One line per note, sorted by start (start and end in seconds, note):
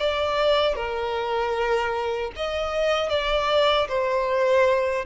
0.00 0.76 D5
0.76 2.32 A#4
2.37 3.10 D#5
3.10 3.88 D5
3.89 5.06 C5